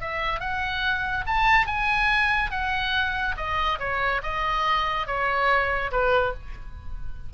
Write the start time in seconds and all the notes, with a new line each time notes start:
0.00 E5
0.40 F#5
1.26 A5
1.66 G#5
2.51 F#5
3.36 D#5
3.79 C#5
4.22 D#5
5.06 C#5
5.91 B4